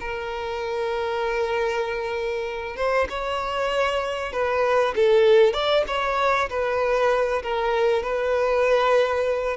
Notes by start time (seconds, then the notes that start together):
0.00 A#4
2.77 C5
3.09 C#5
4.32 B4
4.96 A4
5.53 D5
5.87 C#5
6.49 B4
7.43 A#4
8.03 B4